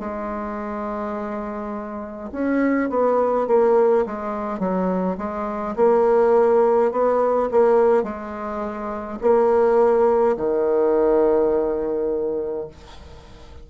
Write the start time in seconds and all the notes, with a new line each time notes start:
0.00 G#3
2.32 C#4
2.90 B3
3.48 A#3
4.06 G#3
4.59 F#3
5.18 G#3
5.77 A#3
6.92 B3
7.52 A#3
8.04 G#3
9.22 A#3
10.37 D#3